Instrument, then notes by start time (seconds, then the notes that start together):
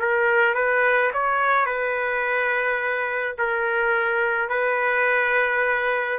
trumpet
0.00 A#4
0.55 B4
1.14 C#5
1.66 B4
3.39 A#4
4.49 B4